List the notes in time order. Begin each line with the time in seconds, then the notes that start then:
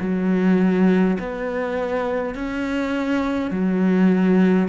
0.00 F#3
1.19 B3
2.35 C#4
3.51 F#3